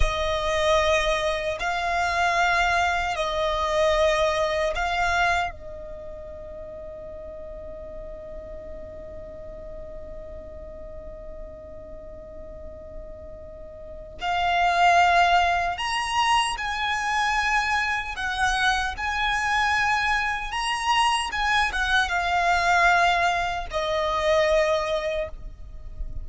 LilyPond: \new Staff \with { instrumentName = "violin" } { \time 4/4 \tempo 4 = 76 dis''2 f''2 | dis''2 f''4 dis''4~ | dis''1~ | dis''1~ |
dis''2 f''2 | ais''4 gis''2 fis''4 | gis''2 ais''4 gis''8 fis''8 | f''2 dis''2 | }